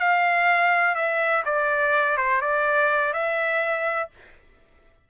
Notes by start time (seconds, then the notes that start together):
0.00 F5
0.96 E5
1.46 D5
2.18 C5
2.42 D5
3.14 E5